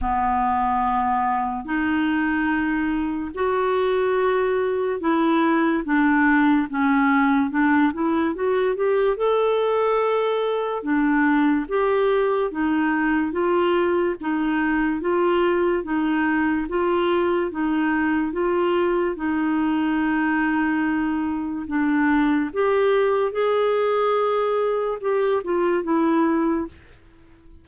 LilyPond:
\new Staff \with { instrumentName = "clarinet" } { \time 4/4 \tempo 4 = 72 b2 dis'2 | fis'2 e'4 d'4 | cis'4 d'8 e'8 fis'8 g'8 a'4~ | a'4 d'4 g'4 dis'4 |
f'4 dis'4 f'4 dis'4 | f'4 dis'4 f'4 dis'4~ | dis'2 d'4 g'4 | gis'2 g'8 f'8 e'4 | }